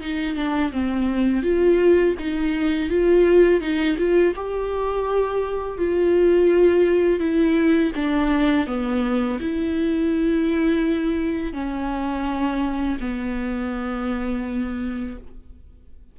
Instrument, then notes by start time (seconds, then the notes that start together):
viola
0.00 D#4
0.35 D4
0.72 C4
1.43 F4
2.19 D#4
2.89 F4
3.60 D#4
3.98 F4
4.35 G4
5.78 F4
7.20 E4
7.95 D4
8.66 B3
9.40 E4
11.53 C#4
13.00 B3